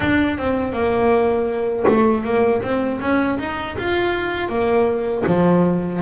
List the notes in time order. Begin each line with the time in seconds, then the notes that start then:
0.00 D4
0.38 C4
0.72 A#3
1.87 A3
2.24 A#3
2.62 C4
3.00 C#4
3.39 D#4
3.77 F4
4.48 A#3
5.26 F3